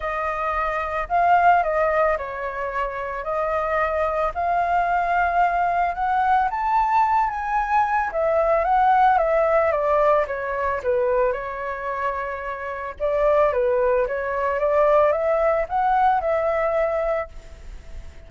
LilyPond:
\new Staff \with { instrumentName = "flute" } { \time 4/4 \tempo 4 = 111 dis''2 f''4 dis''4 | cis''2 dis''2 | f''2. fis''4 | a''4. gis''4. e''4 |
fis''4 e''4 d''4 cis''4 | b'4 cis''2. | d''4 b'4 cis''4 d''4 | e''4 fis''4 e''2 | }